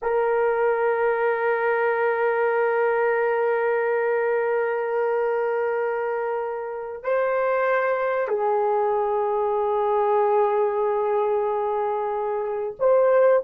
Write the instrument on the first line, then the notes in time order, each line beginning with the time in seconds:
horn
0.02 A#4
7.03 C5
8.28 G#4
12.79 C5